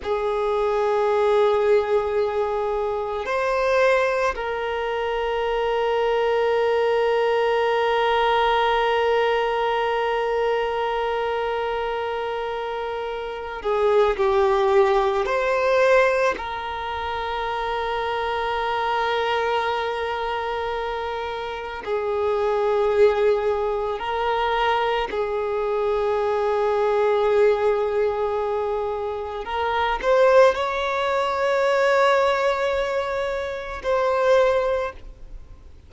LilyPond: \new Staff \with { instrumentName = "violin" } { \time 4/4 \tempo 4 = 55 gis'2. c''4 | ais'1~ | ais'1~ | ais'8 gis'8 g'4 c''4 ais'4~ |
ais'1 | gis'2 ais'4 gis'4~ | gis'2. ais'8 c''8 | cis''2. c''4 | }